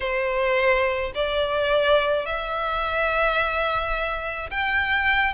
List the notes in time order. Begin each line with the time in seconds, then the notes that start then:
0.00 C5
1.14 D5
2.25 E5
4.50 G5